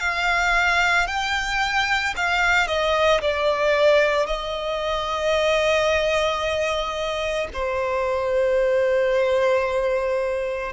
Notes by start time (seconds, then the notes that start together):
0.00 F5
1.07 G5
2.16 F5
2.67 D#5
3.21 D5
4.26 D#5
7.53 C5